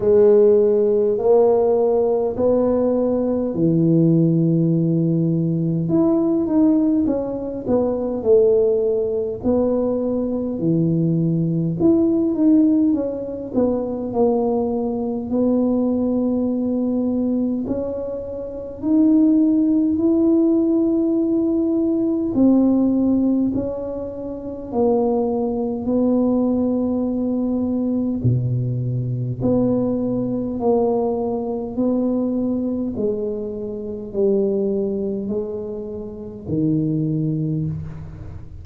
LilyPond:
\new Staff \with { instrumentName = "tuba" } { \time 4/4 \tempo 4 = 51 gis4 ais4 b4 e4~ | e4 e'8 dis'8 cis'8 b8 a4 | b4 e4 e'8 dis'8 cis'8 b8 | ais4 b2 cis'4 |
dis'4 e'2 c'4 | cis'4 ais4 b2 | b,4 b4 ais4 b4 | gis4 g4 gis4 dis4 | }